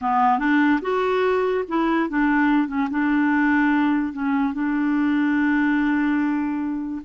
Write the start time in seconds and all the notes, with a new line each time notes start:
0.01 B3
0.38 D4
0.81 F#4
1.68 E4
2.09 D4
2.67 C#4
2.90 D4
4.12 C#4
4.53 D4